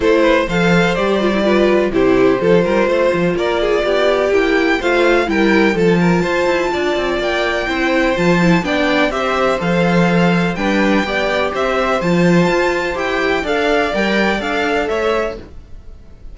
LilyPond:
<<
  \new Staff \with { instrumentName = "violin" } { \time 4/4 \tempo 4 = 125 c''4 f''4 d''2 | c''2. d''4~ | d''4 g''4 f''4 g''4 | a''2. g''4~ |
g''4 a''4 g''4 e''4 | f''2 g''2 | e''4 a''2 g''4 | f''4 g''4 f''4 e''4 | }
  \new Staff \with { instrumentName = "violin" } { \time 4/4 a'8 b'8 c''2 b'4 | g'4 a'8 ais'8 c''4 ais'8 gis'8 | g'2 c''4 ais'4 | a'8 ais'8 c''4 d''2 |
c''2 d''4 c''4~ | c''2 b'4 d''4 | c''1 | d''2. cis''4 | }
  \new Staff \with { instrumentName = "viola" } { \time 4/4 e'4 a'4 g'8 f'16 e'16 f'4 | e'4 f'2.~ | f'4 e'4 f'4 e'4 | f'1 |
e'4 f'8 e'8 d'4 g'4 | a'2 d'4 g'4~ | g'4 f'2 g'4 | a'4 ais'4 a'2 | }
  \new Staff \with { instrumentName = "cello" } { \time 4/4 a4 f4 g2 | c4 f8 g8 a8 f8 ais4 | b4 ais4 a4 g4 | f4 f'8 e'8 d'8 c'8 ais4 |
c'4 f4 b4 c'4 | f2 g4 b4 | c'4 f4 f'4 e'4 | d'4 g4 d'4 a4 | }
>>